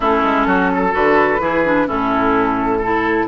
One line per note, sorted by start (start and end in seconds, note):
0.00 0.23 A3
0.00 0.91 C#4
0.00 0.47 E4
0.00 0.94 A4
0.23 0.45 G#3
0.45 0.92 F#3
0.45 0.70 F#4
0.74 1.41 A4
0.91 1.39 D3
0.91 1.38 F#4
0.91 1.88 B4
1.39 1.86 E3
1.39 1.63 E4
1.39 1.87 G#4
1.64 1.86 D4
1.86 3.27 A2
1.86 2.80 C#4
1.86 2.78 E4
1.86 3.27 A4
2.78 3.27 E4
2.78 3.25 A4